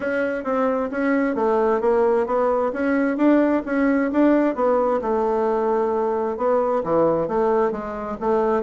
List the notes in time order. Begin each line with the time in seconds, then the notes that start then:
0.00 C#4
0.44 C4
0.91 C#4
1.35 A3
1.81 A#3
2.26 B3
2.72 C#4
3.17 D4
3.65 C#4
4.12 D4
4.55 B3
5.01 A3
6.37 B3
6.83 E3
7.28 A3
7.71 G#3
8.20 A3